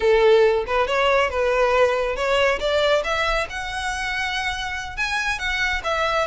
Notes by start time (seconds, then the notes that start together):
0.00 A4
0.67 B4
0.87 C#5
1.29 B4
2.16 C#5
2.59 D5
3.04 E5
3.49 F#5
4.96 G#5
5.38 F#5
5.84 E5